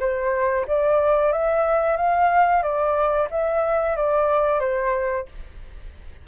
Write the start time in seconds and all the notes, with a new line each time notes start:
0.00 C5
0.67 D5
1.32 E5
1.97 F5
2.63 D5
3.31 E5
3.96 D5
4.60 C5